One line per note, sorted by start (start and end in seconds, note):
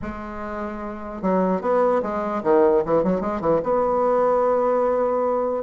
0.02 1.22 G#3
1.22 1.61 F#3
1.61 2.01 B3
2.02 2.42 G#3
2.43 2.83 D#3
2.85 3.03 E3
3.03 3.20 F#3
3.20 3.40 G#3
3.40 3.60 E3
3.63 5.63 B3